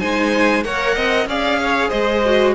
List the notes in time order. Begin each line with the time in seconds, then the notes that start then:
0.00 G#3 D#4 C5 G#5
0.64 A#3 A#4 C#5 F#5
0.96 C4 D#5
1.26 C#4 G#4 D5 F5
1.61 C#5
1.89 G#3 C5 D#5
2.26 F#4